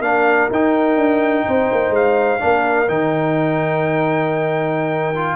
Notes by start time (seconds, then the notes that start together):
0.00 A#3 D4 A#4 F5
0.50 D#4 G5
0.96 D4
1.46 C4 C5
1.71 A#3
1.89 G#3 F5
2.39 A#3 D4 A#4
2.88 D#3 D#4 G5
5.15 F4